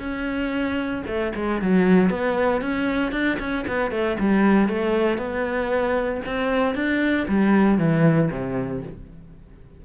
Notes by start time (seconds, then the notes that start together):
0.00 C#4
1.07 A3
1.36 G#3
1.62 F#3
2.10 B3
2.62 C#4
3.12 D4
3.40 C#4
3.68 B3
3.92 A3
4.20 G3
4.69 A3
5.18 B3
6.27 C4
6.75 D4
7.29 G3
7.78 E3
8.32 C3